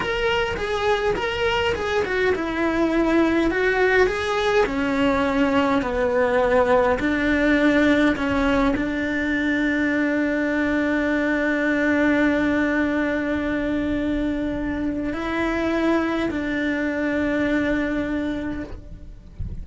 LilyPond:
\new Staff \with { instrumentName = "cello" } { \time 4/4 \tempo 4 = 103 ais'4 gis'4 ais'4 gis'8 fis'8 | e'2 fis'4 gis'4 | cis'2 b2 | d'2 cis'4 d'4~ |
d'1~ | d'1~ | d'2 e'2 | d'1 | }